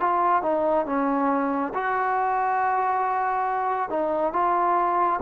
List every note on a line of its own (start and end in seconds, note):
0.00 0.43 F4
0.43 0.86 D#4
0.86 1.73 C#4
1.74 3.90 F#4
3.90 4.33 D#4
4.33 5.20 F4